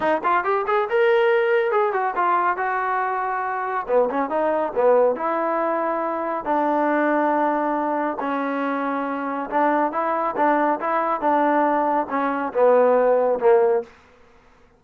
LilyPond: \new Staff \with { instrumentName = "trombone" } { \time 4/4 \tempo 4 = 139 dis'8 f'8 g'8 gis'8 ais'2 | gis'8 fis'8 f'4 fis'2~ | fis'4 b8 cis'8 dis'4 b4 | e'2. d'4~ |
d'2. cis'4~ | cis'2 d'4 e'4 | d'4 e'4 d'2 | cis'4 b2 ais4 | }